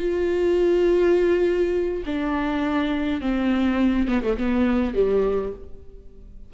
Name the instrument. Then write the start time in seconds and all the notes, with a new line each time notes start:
viola
0.00 F4
2.06 D4
3.22 C4
4.08 B3
4.23 A3
4.38 B3
4.95 G3